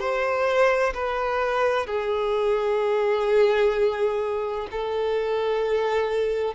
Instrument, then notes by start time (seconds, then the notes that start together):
violin
0.00 C5
0.94 B4
1.87 G#4
4.71 A4